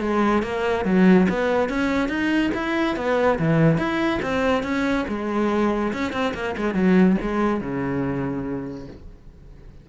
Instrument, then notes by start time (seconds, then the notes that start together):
cello
0.00 G#3
0.42 A#3
0.85 F#3
1.29 B3
1.69 C#4
2.08 D#4
2.54 E4
2.96 B3
3.39 E3
3.78 E4
4.22 C4
4.63 C#4
5.08 G#3
5.93 C#4
6.12 C4
6.34 A#3
6.57 G#3
6.74 F#3
7.21 G#3
7.61 C#3